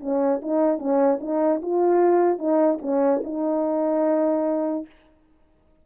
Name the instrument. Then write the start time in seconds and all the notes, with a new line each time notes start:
horn
0.00 C#4
0.42 D#4
0.78 C#4
1.20 D#4
1.61 F4
2.38 D#4
2.81 C#4
3.24 D#4